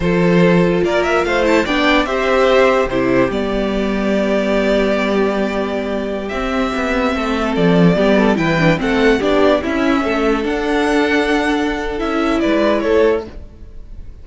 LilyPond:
<<
  \new Staff \with { instrumentName = "violin" } { \time 4/4 \tempo 4 = 145 c''2 d''8 e''8 f''8 a''8 | g''4 e''2 c''4 | d''1~ | d''2.~ d''16 e''8.~ |
e''2~ e''16 d''4.~ d''16~ | d''16 g''4 fis''4 d''4 e''8.~ | e''4~ e''16 fis''2~ fis''8.~ | fis''4 e''4 d''4 cis''4 | }
  \new Staff \with { instrumentName = "violin" } { \time 4/4 a'2 ais'4 c''4 | d''4 c''2 g'4~ | g'1~ | g'1~ |
g'4~ g'16 a'2 g'8 a'16~ | a'16 b'4 a'4 g'4 e'8.~ | e'16 a'2.~ a'8.~ | a'2 b'4 a'4 | }
  \new Staff \with { instrumentName = "viola" } { \time 4/4 f'2.~ f'8 e'8 | d'4 g'2 e'4 | b1~ | b2.~ b16 c'8.~ |
c'2.~ c'16 b8.~ | b16 e'8 d'8 c'4 d'4 cis'8.~ | cis'4~ cis'16 d'2~ d'8.~ | d'4 e'2. | }
  \new Staff \with { instrumentName = "cello" } { \time 4/4 f2 ais4 a4 | b4 c'2 c4 | g1~ | g2.~ g16 c'8.~ |
c'16 b4 a4 f4 g8.~ | g16 e4 a4 b4 cis'8.~ | cis'16 a4 d'2~ d'8.~ | d'4 cis'4 gis4 a4 | }
>>